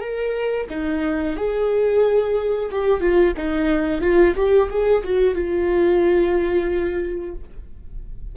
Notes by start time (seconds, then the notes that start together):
0.00 A#4
0.70 D#4
1.37 G#4
2.71 G4
3.00 F4
3.37 D#4
4.01 F4
4.36 G4
4.70 G#4
5.04 F#4
5.35 F4